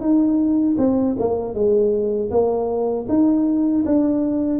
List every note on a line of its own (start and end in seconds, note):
0.00 0.76 D#4
0.78 1.16 C4
1.19 1.54 A#3
1.54 2.30 G#3
2.30 3.06 A#3
3.08 3.84 D#4
3.85 4.59 D4